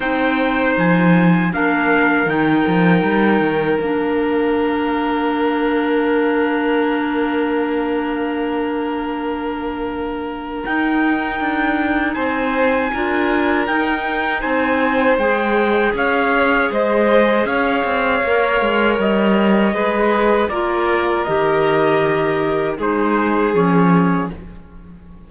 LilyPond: <<
  \new Staff \with { instrumentName = "trumpet" } { \time 4/4 \tempo 4 = 79 g''4 gis''4 f''4 g''4~ | g''4 f''2.~ | f''1~ | f''2 g''2 |
gis''2 g''4 gis''4 | g''4 f''4 dis''4 f''4~ | f''4 dis''2 d''4 | dis''2 c''4 cis''4 | }
  \new Staff \with { instrumentName = "violin" } { \time 4/4 c''2 ais'2~ | ais'1~ | ais'1~ | ais'1 |
c''4 ais'2 c''4~ | c''4 cis''4 c''4 cis''4~ | cis''2 b'4 ais'4~ | ais'2 gis'2 | }
  \new Staff \with { instrumentName = "clarinet" } { \time 4/4 dis'2 d'4 dis'4~ | dis'4 d'2.~ | d'1~ | d'2 dis'2~ |
dis'4 f'4 dis'2 | gis'1 | ais'2 gis'4 f'4 | g'2 dis'4 cis'4 | }
  \new Staff \with { instrumentName = "cello" } { \time 4/4 c'4 f4 ais4 dis8 f8 | g8 dis8 ais2.~ | ais1~ | ais2 dis'4 d'4 |
c'4 d'4 dis'4 c'4 | gis4 cis'4 gis4 cis'8 c'8 | ais8 gis8 g4 gis4 ais4 | dis2 gis4 f4 | }
>>